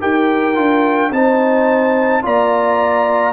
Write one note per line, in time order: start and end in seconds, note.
0.00 0.57 D#4
0.00 0.55 G4
0.00 1.12 A#4
0.00 1.12 G5
0.55 1.11 D4
0.55 1.11 F4
1.11 2.22 C4
1.11 2.22 D#4
1.11 2.24 C5
1.11 2.24 A5
2.22 3.33 A#3
2.22 3.33 F4
2.22 3.33 D5
2.22 3.33 A#5